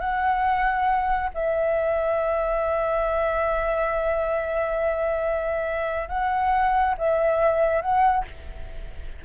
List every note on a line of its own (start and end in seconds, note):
0.00 1.29 F#5
1.34 6.09 E5
6.09 6.95 F#5
6.98 7.81 E5
7.81 8.24 F#5